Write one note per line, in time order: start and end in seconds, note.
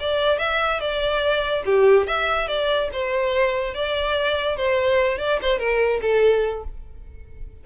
0.00 0.38 D5
0.38 0.80 E5
0.80 1.63 D5
1.66 2.07 G4
2.07 2.48 E5
2.48 2.89 D5
2.93 3.74 C5
3.74 4.57 D5
4.57 5.18 C5
5.18 5.39 D5
5.42 5.59 C5
5.59 6.00 A#4
6.01 6.64 A4